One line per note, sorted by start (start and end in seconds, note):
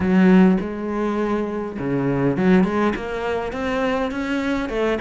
0.00 0.57 F#3
0.60 1.78 G#3
1.79 2.36 C#3
2.36 2.64 F#3
2.64 2.93 G#3
2.95 3.52 A#3
3.52 4.11 C4
4.11 4.69 C#4
4.69 4.98 A3